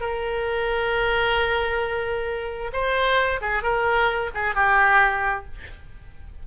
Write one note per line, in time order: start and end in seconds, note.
0.00 2.71 A#4
2.72 3.40 C5
3.41 3.62 G#4
3.62 4.30 A#4
4.34 4.55 G#4
4.55 5.45 G4